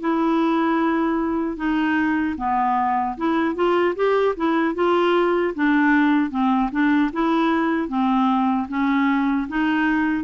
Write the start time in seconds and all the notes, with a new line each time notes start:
0.00 E4
1.56 D#4
2.37 B3
3.17 E4
3.55 F4
3.95 G4
4.36 E4
4.75 F4
5.54 D4
6.30 C4
6.71 D4
7.12 E4
7.88 C4
8.68 C#4
9.48 D#4